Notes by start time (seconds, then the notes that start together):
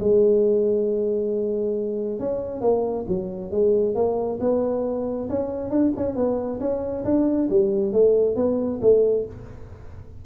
0.00 G#3
2.20 C#4
2.61 A#3
3.08 F#3
3.51 G#3
3.95 A#3
4.41 B3
5.30 C#4
5.70 D4
5.97 C#4
6.16 B3
6.61 C#4
7.05 D4
7.50 G3
7.93 A3
8.36 B3
8.82 A3